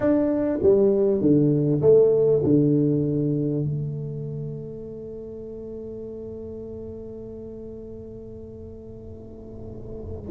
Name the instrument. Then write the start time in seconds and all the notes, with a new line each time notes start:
tuba
0.00 D4
0.62 G3
1.20 D3
1.81 A3
2.44 D3
3.64 A3